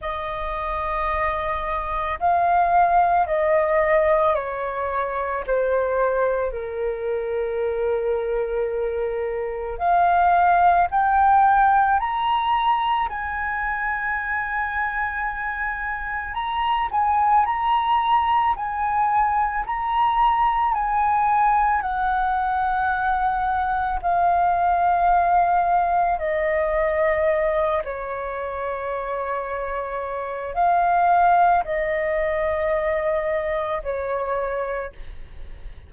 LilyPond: \new Staff \with { instrumentName = "flute" } { \time 4/4 \tempo 4 = 55 dis''2 f''4 dis''4 | cis''4 c''4 ais'2~ | ais'4 f''4 g''4 ais''4 | gis''2. ais''8 gis''8 |
ais''4 gis''4 ais''4 gis''4 | fis''2 f''2 | dis''4. cis''2~ cis''8 | f''4 dis''2 cis''4 | }